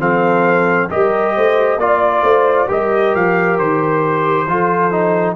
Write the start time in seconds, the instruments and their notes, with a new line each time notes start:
0.00 tuba F3, trombone C4, horn A4, trumpet F5
0.90 tuba G3, trombone G4, horn A#4, trumpet D#5
1.35 tuba A3, horn C5
1.78 tuba A#3, trombone F4, trumpet D5, horn D5
2.23 tuba A3, horn C5
2.68 tuba G3, trombone G4, horn A#4, trumpet D#5
3.15 tuba F3, trumpet F5
3.59 tuba D#3, trumpet C5
4.47 tuba F3, trombone F4, horn A4
4.92 trombone D#4